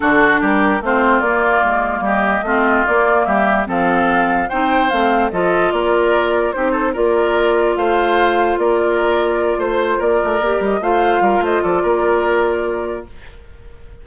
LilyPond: <<
  \new Staff \with { instrumentName = "flute" } { \time 4/4 \tempo 4 = 147 a'4 ais'4 c''4 d''4~ | d''4 dis''2 d''4 | e''4 f''2 g''4 | f''4 dis''4 d''2 |
c''4 d''2 f''4~ | f''4 d''2~ d''8 c''8~ | c''8 d''4. dis''8 f''4. | dis''8 d''2.~ d''8 | }
  \new Staff \with { instrumentName = "oboe" } { \time 4/4 fis'4 g'4 f'2~ | f'4 g'4 f'2 | g'4 a'2 c''4~ | c''4 a'4 ais'2 |
g'8 a'8 ais'2 c''4~ | c''4 ais'2~ ais'8 c''8~ | c''8 ais'2 c''4 ais'8 | c''8 a'8 ais'2. | }
  \new Staff \with { instrumentName = "clarinet" } { \time 4/4 d'2 c'4 ais4~ | ais2 c'4 ais4~ | ais4 c'2 dis'4 | c'4 f'2. |
dis'4 f'2.~ | f'1~ | f'4. g'4 f'4.~ | f'1 | }
  \new Staff \with { instrumentName = "bassoon" } { \time 4/4 d4 g4 a4 ais4 | gis4 g4 a4 ais4 | g4 f2 c'4 | a4 f4 ais2 |
c'4 ais2 a4~ | a4 ais2~ ais8 a8~ | a8 ais8 a8 ais8 g8 a4 g8 | a8 f8 ais2. | }
>>